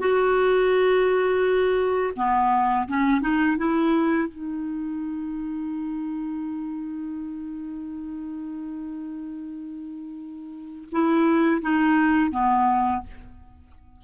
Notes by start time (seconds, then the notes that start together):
0.00 F#4
2.17 B3
2.89 C#4
3.22 D#4
3.58 E4
4.29 D#4
10.92 E4
11.62 D#4
12.31 B3